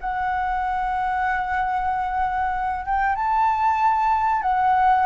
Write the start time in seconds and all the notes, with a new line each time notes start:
0.00 F#5
2.85 G5
3.16 A5
4.42 F#5